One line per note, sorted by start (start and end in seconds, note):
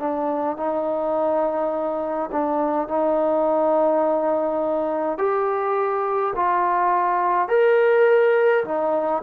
0.00 0.57 D4
0.57 2.30 D#4
2.32 2.88 D4
2.88 5.19 D#4
5.19 6.34 G4
6.36 7.49 F4
7.49 8.64 A#4
8.65 9.23 D#4